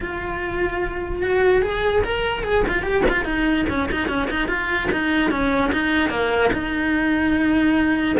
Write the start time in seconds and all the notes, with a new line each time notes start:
0.00 F4
1.22 F#4
1.62 G#4
2.04 A#4
2.43 G#4
2.68 F4
2.82 G4
3.09 F4
3.24 D#4
3.69 C#4
3.91 D#4
4.08 C#4
4.30 D#4
4.48 F4
4.91 D#4
5.30 C#4
5.72 D#4
6.09 A#3
6.52 D#4